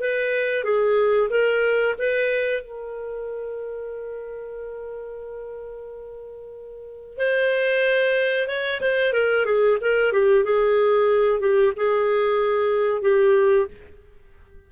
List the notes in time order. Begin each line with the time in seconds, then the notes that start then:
0.00 B4
0.64 G#4
1.30 A#4
1.98 B4
2.61 A#4
7.17 C5
8.48 C#5
8.81 C5
9.13 A#4
9.45 G#4
9.81 A#4
10.13 G4
10.44 G#4
11.40 G4
11.76 G#4
13.01 G4